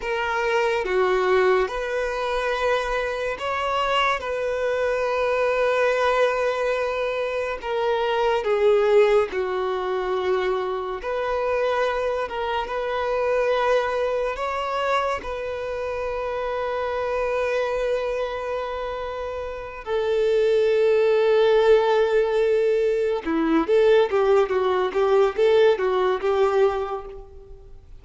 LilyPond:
\new Staff \with { instrumentName = "violin" } { \time 4/4 \tempo 4 = 71 ais'4 fis'4 b'2 | cis''4 b'2.~ | b'4 ais'4 gis'4 fis'4~ | fis'4 b'4. ais'8 b'4~ |
b'4 cis''4 b'2~ | b'2.~ b'8 a'8~ | a'2.~ a'8 e'8 | a'8 g'8 fis'8 g'8 a'8 fis'8 g'4 | }